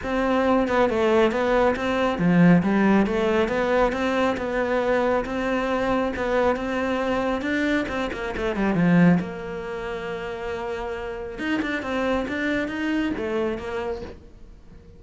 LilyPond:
\new Staff \with { instrumentName = "cello" } { \time 4/4 \tempo 4 = 137 c'4. b8 a4 b4 | c'4 f4 g4 a4 | b4 c'4 b2 | c'2 b4 c'4~ |
c'4 d'4 c'8 ais8 a8 g8 | f4 ais2.~ | ais2 dis'8 d'8 c'4 | d'4 dis'4 a4 ais4 | }